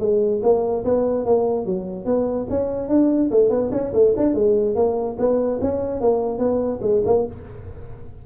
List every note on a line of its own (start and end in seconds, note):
0.00 0.41 G#3
0.43 0.84 A#3
0.85 1.25 B3
1.25 1.66 A#3
1.66 2.06 F#3
2.06 2.47 B3
2.50 2.89 C#4
2.89 3.30 D4
3.31 3.50 A3
3.50 3.71 B3
3.72 3.93 C#4
3.94 4.14 A3
4.17 4.35 D4
4.35 4.75 G#3
4.75 5.17 A#3
5.19 5.60 B3
5.61 6.01 C#4
6.01 6.39 A#3
6.39 6.80 B3
6.82 7.03 G#3
7.06 7.26 A#3